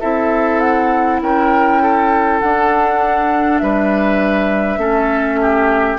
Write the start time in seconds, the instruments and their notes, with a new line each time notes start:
0.00 bassoon C4, clarinet E4, oboe A4, flute E5
0.60 flute F#5
1.22 bassoon C#4, oboe A#4, flute G5
1.82 oboe A4
2.40 clarinet D4, bassoon D4, flute F#5
3.58 bassoon G3, oboe B4, flute E5
4.77 bassoon A3, clarinet C#4, oboe A4
5.41 oboe G4